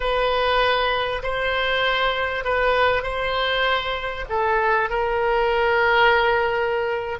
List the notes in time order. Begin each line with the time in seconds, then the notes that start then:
0.00 B4
1.22 C5
2.44 B4
3.03 C5
4.29 A4
4.89 A#4